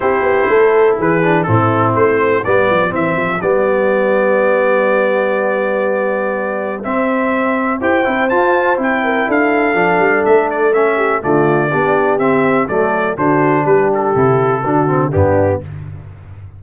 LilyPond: <<
  \new Staff \with { instrumentName = "trumpet" } { \time 4/4 \tempo 4 = 123 c''2 b'4 a'4 | c''4 d''4 e''4 d''4~ | d''1~ | d''2 e''2 |
g''4 a''4 g''4 f''4~ | f''4 e''8 d''8 e''4 d''4~ | d''4 e''4 d''4 c''4 | b'8 a'2~ a'8 g'4 | }
  \new Staff \with { instrumentName = "horn" } { \time 4/4 g'4 a'4 gis'4 e'4~ | e'4 g'2.~ | g'1~ | g'1 |
c''2~ c''8 ais'8 a'4~ | a'2~ a'8 g'8 f'4 | g'2 a'4 fis'4 | g'2 fis'4 d'4 | }
  \new Staff \with { instrumentName = "trombone" } { \time 4/4 e'2~ e'8 d'8 c'4~ | c'4 b4 c'4 b4~ | b1~ | b2 c'2 |
g'8 e'8 f'4 e'2 | d'2 cis'4 a4 | d'4 c'4 a4 d'4~ | d'4 e'4 d'8 c'8 b4 | }
  \new Staff \with { instrumentName = "tuba" } { \time 4/4 c'8 b8 a4 e4 a,4 | a4 g8 f8 e8 f8 g4~ | g1~ | g2 c'2 |
e'8 c'8 f'4 c'4 d'4 | f8 g8 a2 d4 | b4 c'4 fis4 d4 | g4 c4 d4 g,4 | }
>>